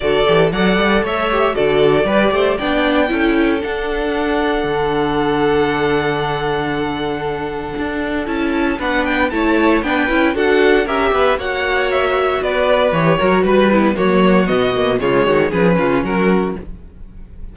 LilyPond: <<
  \new Staff \with { instrumentName = "violin" } { \time 4/4 \tempo 4 = 116 d''4 fis''4 e''4 d''4~ | d''4 g''2 fis''4~ | fis''1~ | fis''1 |
a''4 fis''8 g''8 a''4 g''4 | fis''4 e''4 fis''4 e''4 | d''4 cis''4 b'4 cis''4 | dis''4 cis''4 b'4 ais'4 | }
  \new Staff \with { instrumentName = "violin" } { \time 4/4 a'4 d''4 cis''4 a'4 | b'8 c''8 d''4 a'2~ | a'1~ | a'1~ |
a'4 b'4 cis''4 b'4 | a'4 ais'8 b'8 cis''2 | b'4. ais'8 b'8 b8 fis'4~ | fis'4 f'8 fis'8 gis'8 f'8 fis'4 | }
  \new Staff \with { instrumentName = "viola" } { \time 4/4 fis'8 g'8 a'4. g'8 fis'4 | g'4 d'4 e'4 d'4~ | d'1~ | d'1 |
e'4 d'4 e'4 d'8 e'8 | fis'4 g'4 fis'2~ | fis'4 g'8 fis'4 e'8 ais4 | b8 ais8 gis4 cis'2 | }
  \new Staff \with { instrumentName = "cello" } { \time 4/4 d8 e8 fis8 g8 a4 d4 | g8 a8 b4 cis'4 d'4~ | d'4 d2.~ | d2. d'4 |
cis'4 b4 a4 b8 cis'8 | d'4 cis'8 b8 ais2 | b4 e8 fis8 g4 fis4 | b,4 cis8 dis8 f8 cis8 fis4 | }
>>